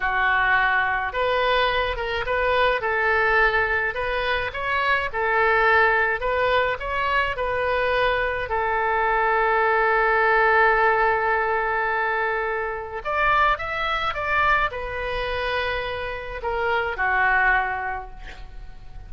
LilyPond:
\new Staff \with { instrumentName = "oboe" } { \time 4/4 \tempo 4 = 106 fis'2 b'4. ais'8 | b'4 a'2 b'4 | cis''4 a'2 b'4 | cis''4 b'2 a'4~ |
a'1~ | a'2. d''4 | e''4 d''4 b'2~ | b'4 ais'4 fis'2 | }